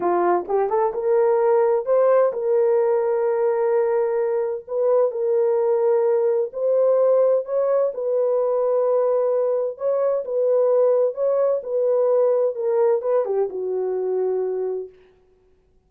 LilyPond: \new Staff \with { instrumentName = "horn" } { \time 4/4 \tempo 4 = 129 f'4 g'8 a'8 ais'2 | c''4 ais'2.~ | ais'2 b'4 ais'4~ | ais'2 c''2 |
cis''4 b'2.~ | b'4 cis''4 b'2 | cis''4 b'2 ais'4 | b'8 g'8 fis'2. | }